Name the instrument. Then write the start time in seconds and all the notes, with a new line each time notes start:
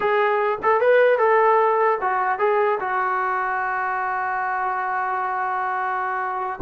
trombone
0.00 G#4
0.63 A4
0.80 B4
1.18 A4
2.01 F#4
2.38 G#4
2.79 F#4